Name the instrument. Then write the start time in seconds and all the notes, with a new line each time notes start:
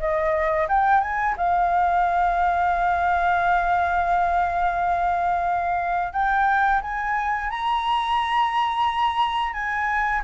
flute
0.00 D#5
0.69 G5
1.01 G#5
1.37 F5
6.13 G5
6.82 G#5
7.50 A#5
9.54 G#5